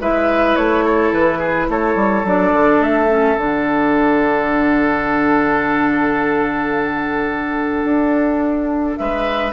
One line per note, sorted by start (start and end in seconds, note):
0.00 0.56 G#3
0.00 2.25 E4
0.00 0.85 B4
0.00 0.56 E5
0.56 1.12 A3
0.56 1.12 C#5
0.85 1.39 A4
1.12 1.68 E3
1.12 1.70 B4
1.39 1.67 G#4
1.69 1.96 A3
1.69 9.00 A4
1.69 2.27 C#5
1.96 2.24 G3
2.24 2.52 F#3
2.24 3.09 D4
2.24 2.83 D5
2.53 2.80 D3
2.80 3.36 A3
2.80 3.38 E5
3.09 3.37 C#4
3.37 7.84 D3
3.37 9.53 D4
3.37 8.98 F#5
7.84 8.97 D4
8.98 9.53 G#3
8.98 9.53 B4
8.98 9.53 E5